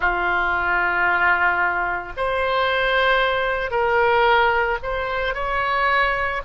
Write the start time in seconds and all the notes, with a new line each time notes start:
0.00 F4
2.17 C5
3.71 A#4
4.82 C5
5.34 C#5